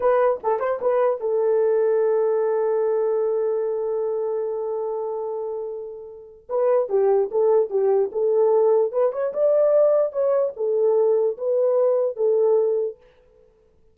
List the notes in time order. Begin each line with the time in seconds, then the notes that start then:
0.00 B4
0.43 A4
0.59 C5
0.81 B4
1.20 A4
6.49 B4
6.89 G4
7.31 A4
7.70 G4
8.12 A4
8.92 B4
9.12 C#5
9.33 D5
10.12 C#5
10.56 A4
11.37 B4
12.16 A4